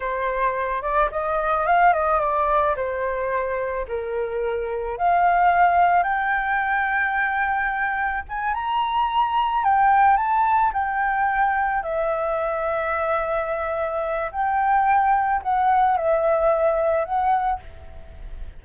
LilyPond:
\new Staff \with { instrumentName = "flute" } { \time 4/4 \tempo 4 = 109 c''4. d''8 dis''4 f''8 dis''8 | d''4 c''2 ais'4~ | ais'4 f''2 g''4~ | g''2. gis''8 ais''8~ |
ais''4. g''4 a''4 g''8~ | g''4. e''2~ e''8~ | e''2 g''2 | fis''4 e''2 fis''4 | }